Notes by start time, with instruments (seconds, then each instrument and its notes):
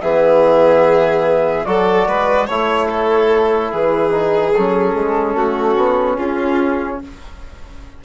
0.00 bassoon E3, trombone B3, violin G#4, flute E5
1.64 bassoon F#3, trombone F#4, violin A4, flute D5
2.07 bassoon G#3, violin B4
2.46 bassoon A3, trombone E4, violin C#5, flute C#5
2.89 violin A4
3.71 bassoon E3, violin G#4, flute B4
4.10 trombone D#4
4.53 bassoon F#3, trombone C#4, flute A4
4.94 bassoon G#3
5.34 bassoon A3, violin F#4
5.76 bassoon B3
6.16 bassoon C#4, violin F4, flute G#4